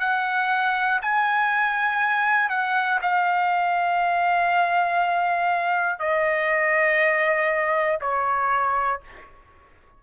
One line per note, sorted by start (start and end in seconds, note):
0.00 1.00 F#5
1.02 2.50 G#5
2.50 3.00 F#5
3.02 5.99 F5
5.99 7.99 D#5
8.01 9.01 C#5